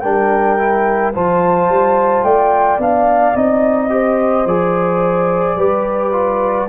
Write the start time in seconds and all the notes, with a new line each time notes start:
0.00 G3 D4 A#4 G5
0.58 E4
1.13 F3 F4 C5 A5
1.69 G3
2.23 A3 D5 G5
2.78 B3 D4 F5
3.34 C4 D#4 D#5
3.89 G4 C5
4.45 F3 G#4 D5
5.56 G3 G4 B4
6.12 F4